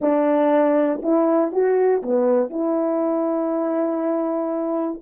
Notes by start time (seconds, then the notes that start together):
0.01 D4
1.02 E4
1.52 F#4
2.02 B3
2.50 E4